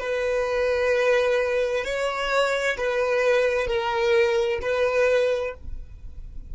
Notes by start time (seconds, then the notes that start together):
0.00 B4
1.85 C#5
2.78 B4
3.67 A#4
4.62 B4